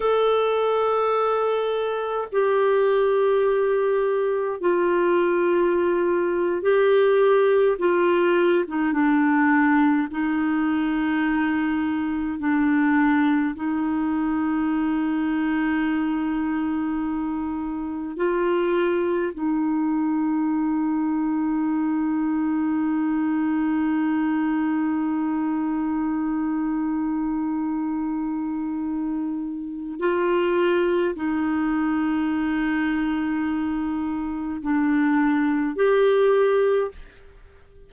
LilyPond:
\new Staff \with { instrumentName = "clarinet" } { \time 4/4 \tempo 4 = 52 a'2 g'2 | f'4.~ f'16 g'4 f'8. dis'16 d'16~ | d'8. dis'2 d'4 dis'16~ | dis'2.~ dis'8. f'16~ |
f'8. dis'2.~ dis'16~ | dis'1~ | dis'2 f'4 dis'4~ | dis'2 d'4 g'4 | }